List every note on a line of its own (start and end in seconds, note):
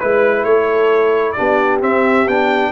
0.00 0.44 G#3
0.00 1.37 E4
0.00 0.44 B4
0.00 0.46 B4
0.44 1.35 A3
0.44 1.37 A4
0.44 1.32 C#5
1.32 1.80 D4
1.32 2.72 G4
1.32 1.78 D5
1.39 1.83 B3
1.80 2.26 C4
1.80 2.28 C4
1.80 2.28 E5
2.28 2.72 B3
2.28 2.72 D4
2.28 2.72 G5